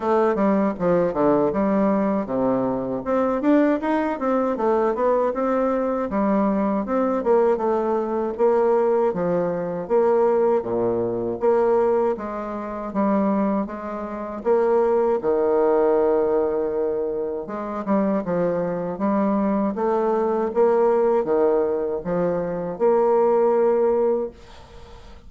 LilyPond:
\new Staff \with { instrumentName = "bassoon" } { \time 4/4 \tempo 4 = 79 a8 g8 f8 d8 g4 c4 | c'8 d'8 dis'8 c'8 a8 b8 c'4 | g4 c'8 ais8 a4 ais4 | f4 ais4 ais,4 ais4 |
gis4 g4 gis4 ais4 | dis2. gis8 g8 | f4 g4 a4 ais4 | dis4 f4 ais2 | }